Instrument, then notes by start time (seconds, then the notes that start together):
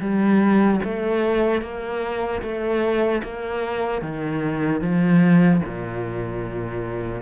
cello
0.00 G3
0.84 A3
1.61 A#3
2.42 A3
3.23 A#3
4.01 D#3
4.81 F3
5.65 A#2